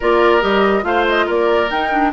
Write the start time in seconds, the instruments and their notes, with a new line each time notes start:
0.00 bassoon A#3, clarinet F4, oboe A#4, flute D5
0.41 bassoon G3, clarinet G4, flute D#5
0.82 bassoon A3, clarinet F4, oboe C5, flute F5
1.08 flute D#5
1.26 bassoon A#3, oboe A#4, flute D5
1.70 bassoon D#4, clarinet D#4, flute G5
1.91 clarinet D4